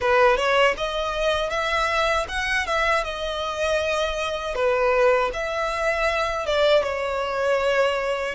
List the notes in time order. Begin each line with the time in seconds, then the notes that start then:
0.00 B4
0.37 C#5
0.77 D#5
1.49 E5
2.28 F#5
2.66 E5
3.03 D#5
4.54 B4
5.33 E5
6.46 D5
6.83 C#5